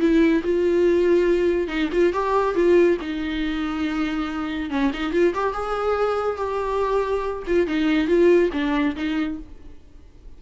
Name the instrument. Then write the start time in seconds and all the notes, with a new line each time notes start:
viola
0.00 E4
0.44 F4
1.68 D#4
1.92 F4
2.13 G4
2.55 F4
3.01 D#4
4.70 C#4
4.94 D#4
5.13 F4
5.35 G4
5.54 G#4
6.37 G4
7.47 F4
7.67 D#4
8.08 F4
8.53 D4
8.96 D#4